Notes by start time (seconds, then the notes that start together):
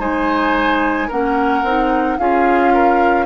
0.00 G#3 D#4 C5 G#5
1.09 A#3 C#4 A#4 F#5
1.64 C4 D#4
2.18 C#4 F4 G#4 F5
2.74 A#4